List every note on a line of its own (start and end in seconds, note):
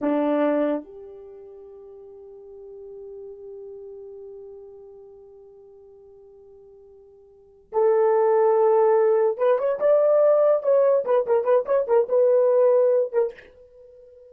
0.01 0.84 D4
0.84 7.72 G4
7.72 9.37 A4
9.37 9.58 B4
9.58 9.79 C#5
9.79 10.62 D5
10.62 11.04 C#5
11.05 11.25 B4
11.26 11.44 A#4
11.44 11.65 B4
11.65 11.86 C#5
11.87 12.08 A#4
12.09 13.12 B4
13.12 13.33 A#4